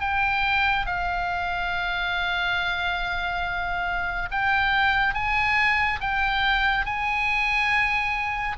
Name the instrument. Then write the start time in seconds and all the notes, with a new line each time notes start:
oboe
0.00 G5
0.86 F5
4.31 G5
5.14 G#5
6.00 G5
6.85 G#5